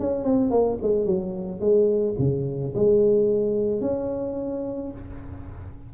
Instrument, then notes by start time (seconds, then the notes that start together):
tuba
0.00 C#4
0.25 C4
0.51 A#3
0.83 G#3
1.06 F#3
1.60 G#3
2.19 C#3
2.75 G#3
3.82 C#4